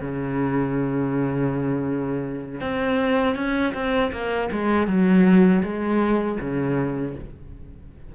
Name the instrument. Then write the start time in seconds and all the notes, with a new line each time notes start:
cello
0.00 C#3
2.60 C4
3.35 C#4
3.74 C4
4.12 A#3
4.51 G#3
4.87 F#3
5.63 G#3
6.40 C#3